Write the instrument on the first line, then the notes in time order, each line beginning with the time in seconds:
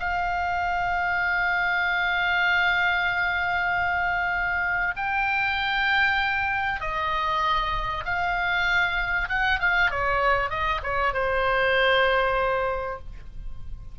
oboe
0.00 F5
4.97 G5
6.81 D#5
8.05 F5
9.29 F#5
9.60 F5
9.91 C#5
10.50 D#5
10.83 C#5
11.13 C5